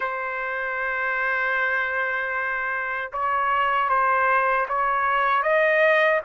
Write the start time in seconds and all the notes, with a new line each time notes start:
0.00 C5
3.12 C#5
3.89 C5
4.68 C#5
5.42 D#5